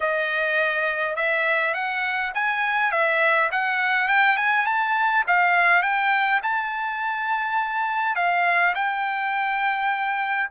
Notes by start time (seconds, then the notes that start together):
0.00 D#5
1.15 E5
1.73 F#5
2.34 G#5
2.91 E5
3.51 F#5
4.08 G5
4.36 G#5
4.65 A5
5.27 F5
5.82 G5
6.42 A5
8.15 F5
8.74 G5